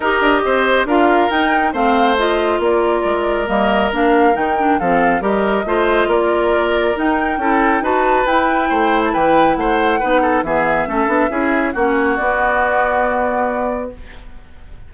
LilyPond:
<<
  \new Staff \with { instrumentName = "flute" } { \time 4/4 \tempo 4 = 138 dis''2 f''4 g''4 | f''4 dis''4 d''2 | dis''4 f''4 g''4 f''4 | dis''2 d''2 |
g''2 a''4 g''4~ | g''8. a''16 g''4 fis''2 | e''2. fis''4 | d''1 | }
  \new Staff \with { instrumentName = "oboe" } { \time 4/4 ais'4 c''4 ais'2 | c''2 ais'2~ | ais'2. a'4 | ais'4 c''4 ais'2~ |
ais'4 a'4 b'2 | c''4 b'4 c''4 b'8 a'8 | gis'4 a'4 gis'4 fis'4~ | fis'1 | }
  \new Staff \with { instrumentName = "clarinet" } { \time 4/4 g'2 f'4 dis'4 | c'4 f'2. | ais4 d'4 dis'8 d'8 c'4 | g'4 f'2. |
dis'4 e'4 fis'4 e'4~ | e'2. dis'4 | b4 cis'8 d'8 e'4 cis'4 | b1 | }
  \new Staff \with { instrumentName = "bassoon" } { \time 4/4 dis'8 d'8 c'4 d'4 dis'4 | a2 ais4 gis4 | g4 ais4 dis4 f4 | g4 a4 ais2 |
dis'4 cis'4 dis'4 e'4 | a4 e4 a4 b4 | e4 a8 b8 cis'4 ais4 | b1 | }
>>